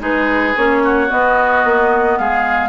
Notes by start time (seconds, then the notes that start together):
0.00 G#3 D#4 G#4 B4
0.57 A#3 C#4 C#5
0.84 F#4
1.09 B3 D#5
1.65 A#3
2.18 G#3 G#4 F5